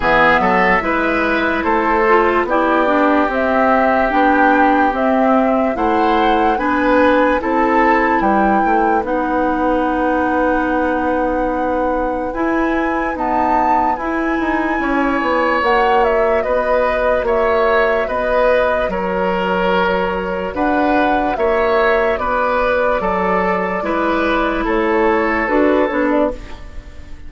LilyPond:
<<
  \new Staff \with { instrumentName = "flute" } { \time 4/4 \tempo 4 = 73 e''2 c''4 d''4 | e''4 g''4 e''4 fis''4 | gis''4 a''4 g''4 fis''4~ | fis''2. gis''4 |
a''4 gis''2 fis''8 e''8 | dis''4 e''4 dis''4 cis''4~ | cis''4 fis''4 e''4 d''4~ | d''2 cis''4 b'8 cis''16 d''16 | }
  \new Staff \with { instrumentName = "oboe" } { \time 4/4 gis'8 a'8 b'4 a'4 g'4~ | g'2. c''4 | b'4 a'4 b'2~ | b'1~ |
b'2 cis''2 | b'4 cis''4 b'4 ais'4~ | ais'4 b'4 cis''4 b'4 | a'4 b'4 a'2 | }
  \new Staff \with { instrumentName = "clarinet" } { \time 4/4 b4 e'4. f'8 e'8 d'8 | c'4 d'4 c'4 e'4 | d'4 e'2 dis'4~ | dis'2. e'4 |
b4 e'2 fis'4~ | fis'1~ | fis'1~ | fis'4 e'2 fis'8 d'8 | }
  \new Staff \with { instrumentName = "bassoon" } { \time 4/4 e8 fis8 gis4 a4 b4 | c'4 b4 c'4 a4 | b4 c'4 g8 a8 b4~ | b2. e'4 |
dis'4 e'8 dis'8 cis'8 b8 ais4 | b4 ais4 b4 fis4~ | fis4 d'4 ais4 b4 | fis4 gis4 a4 d'8 b8 | }
>>